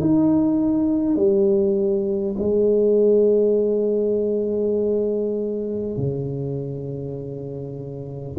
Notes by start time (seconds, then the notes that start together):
0.00 D#4
1.16 G3
2.38 G#3
5.97 C#3